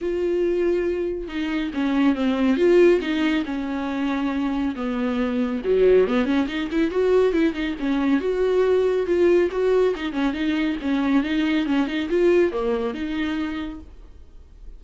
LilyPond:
\new Staff \with { instrumentName = "viola" } { \time 4/4 \tempo 4 = 139 f'2. dis'4 | cis'4 c'4 f'4 dis'4 | cis'2. b4~ | b4 fis4 b8 cis'8 dis'8 e'8 |
fis'4 e'8 dis'8 cis'4 fis'4~ | fis'4 f'4 fis'4 dis'8 cis'8 | dis'4 cis'4 dis'4 cis'8 dis'8 | f'4 ais4 dis'2 | }